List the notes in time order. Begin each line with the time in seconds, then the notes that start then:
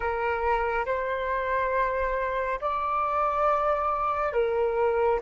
0.00 A#4
0.85 C5
2.60 D5
4.32 A#4